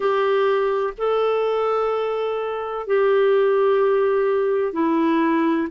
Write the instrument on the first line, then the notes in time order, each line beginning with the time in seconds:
clarinet
0.00 G4
0.97 A4
2.86 G4
4.72 E4